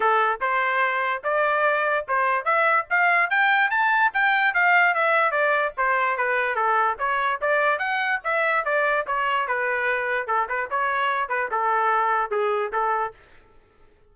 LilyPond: \new Staff \with { instrumentName = "trumpet" } { \time 4/4 \tempo 4 = 146 a'4 c''2 d''4~ | d''4 c''4 e''4 f''4 | g''4 a''4 g''4 f''4 | e''4 d''4 c''4 b'4 |
a'4 cis''4 d''4 fis''4 | e''4 d''4 cis''4 b'4~ | b'4 a'8 b'8 cis''4. b'8 | a'2 gis'4 a'4 | }